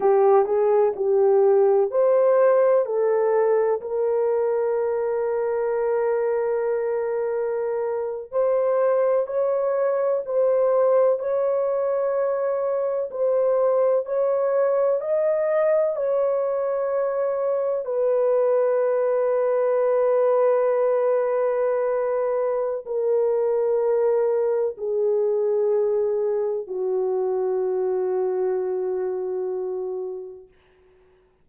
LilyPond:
\new Staff \with { instrumentName = "horn" } { \time 4/4 \tempo 4 = 63 g'8 gis'8 g'4 c''4 a'4 | ais'1~ | ais'8. c''4 cis''4 c''4 cis''16~ | cis''4.~ cis''16 c''4 cis''4 dis''16~ |
dis''8. cis''2 b'4~ b'16~ | b'1 | ais'2 gis'2 | fis'1 | }